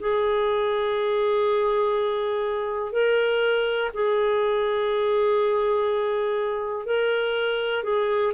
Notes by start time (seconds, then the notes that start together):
0.00 G#4
2.92 A#4
3.94 G#4
6.86 A#4
7.83 G#4